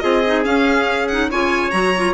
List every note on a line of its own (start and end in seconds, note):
0.00 0.46 C4
0.00 0.23 F4
0.00 1.30 G#4
0.00 0.43 D#5
0.27 0.44 D#4
0.44 1.08 C#4
0.44 1.31 C#4
0.44 1.08 F5
1.08 1.31 D#4
1.08 1.30 F#5
1.30 1.73 C#3
1.30 1.72 F4
1.30 2.14 C#5
1.30 1.71 G#5
1.71 2.14 F#3
1.71 1.93 F#4
1.71 2.13 A#5
1.98 2.14 F4